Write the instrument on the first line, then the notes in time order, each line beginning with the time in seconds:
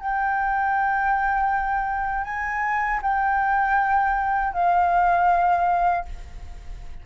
flute
0.00 G5
2.24 G#5
3.02 G5
4.53 F5